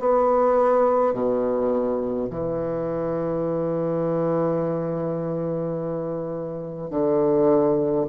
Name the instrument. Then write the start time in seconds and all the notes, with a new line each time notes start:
bassoon
0.00 B3
1.14 B2
2.31 E3
6.91 D3